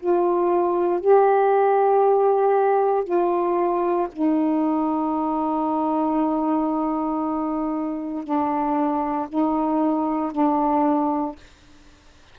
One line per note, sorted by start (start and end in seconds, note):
0.00 1.01 F4
1.01 3.05 G4
3.05 4.08 F4
4.13 8.25 D#4
8.25 9.28 D4
9.29 10.33 D#4
10.33 11.36 D4